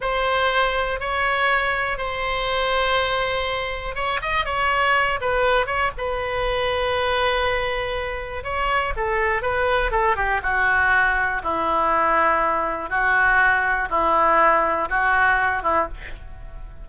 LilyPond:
\new Staff \with { instrumentName = "oboe" } { \time 4/4 \tempo 4 = 121 c''2 cis''2 | c''1 | cis''8 dis''8 cis''4. b'4 cis''8 | b'1~ |
b'4 cis''4 a'4 b'4 | a'8 g'8 fis'2 e'4~ | e'2 fis'2 | e'2 fis'4. e'8 | }